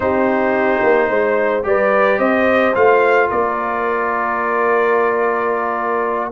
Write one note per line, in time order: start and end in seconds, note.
0.00 0.80 C4
0.00 1.63 D#4
0.00 1.09 G4
0.00 1.64 C5
0.83 1.10 A#3
1.09 1.64 G#3
1.09 1.64 C5
1.63 2.18 G3
1.63 2.73 G4
1.63 2.18 B4
1.63 2.19 D5
2.18 2.74 C4
2.18 3.28 C5
2.18 2.74 D#5
2.74 3.31 A3
2.74 6.32 F4
2.74 3.30 F5
3.29 6.32 A#3
3.29 6.31 A#4
3.29 6.32 D5